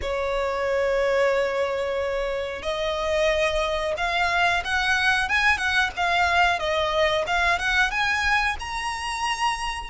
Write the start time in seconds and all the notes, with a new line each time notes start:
0.01 C#5
2.62 D#5
3.97 F5
4.64 F#5
5.28 G#5
5.57 F#5
5.96 F5
6.59 D#5
7.26 F5
7.58 F#5
7.90 G#5
8.59 A#5